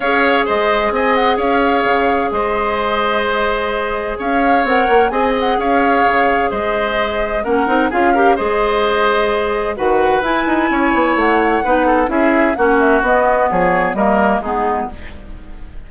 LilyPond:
<<
  \new Staff \with { instrumentName = "flute" } { \time 4/4 \tempo 4 = 129 f''4 dis''4 gis''8 fis''8 f''4~ | f''4 dis''2.~ | dis''4 f''4 fis''4 gis''8 fis''8 | f''2 dis''2 |
fis''4 f''4 dis''2~ | dis''4 fis''4 gis''2 | fis''2 e''4 fis''8 e''8 | dis''4 cis''4 dis''4 gis'4 | }
  \new Staff \with { instrumentName = "oboe" } { \time 4/4 cis''4 c''4 dis''4 cis''4~ | cis''4 c''2.~ | c''4 cis''2 dis''4 | cis''2 c''2 |
ais'4 gis'8 ais'8 c''2~ | c''4 b'2 cis''4~ | cis''4 b'8 a'8 gis'4 fis'4~ | fis'4 gis'4 ais'4 dis'4 | }
  \new Staff \with { instrumentName = "clarinet" } { \time 4/4 gis'1~ | gis'1~ | gis'2 ais'4 gis'4~ | gis'1 |
cis'8 dis'8 f'8 g'8 gis'2~ | gis'4 fis'4 e'2~ | e'4 dis'4 e'4 cis'4 | b2 ais4 b4 | }
  \new Staff \with { instrumentName = "bassoon" } { \time 4/4 cis'4 gis4 c'4 cis'4 | cis4 gis2.~ | gis4 cis'4 c'8 ais8 c'4 | cis'4 cis4 gis2 |
ais8 c'8 cis'4 gis2~ | gis4 dis4 e'8 dis'8 cis'8 b8 | a4 b4 cis'4 ais4 | b4 f4 g4 gis4 | }
>>